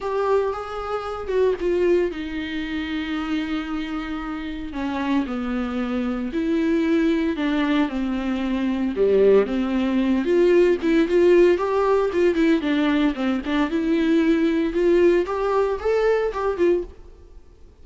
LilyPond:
\new Staff \with { instrumentName = "viola" } { \time 4/4 \tempo 4 = 114 g'4 gis'4. fis'8 f'4 | dis'1~ | dis'4 cis'4 b2 | e'2 d'4 c'4~ |
c'4 g4 c'4. f'8~ | f'8 e'8 f'4 g'4 f'8 e'8 | d'4 c'8 d'8 e'2 | f'4 g'4 a'4 g'8 f'8 | }